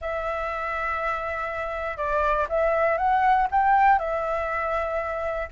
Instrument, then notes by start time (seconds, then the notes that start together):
flute
0.01 E5
1.97 D5
2.49 E5
2.97 F#5
3.51 G5
3.98 E5